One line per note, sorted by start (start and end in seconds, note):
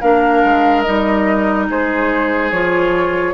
0.00 0.43 A#3
0.00 0.85 D4
0.00 1.67 A#4
0.00 0.81 F5
0.44 0.85 G#3
0.81 1.69 G3
0.81 2.52 D#4
0.81 1.65 D#5
1.69 2.51 G#3
1.69 3.33 G#4
1.69 2.51 C5
2.51 3.33 F3
2.51 3.33 F4
2.51 3.33 C#5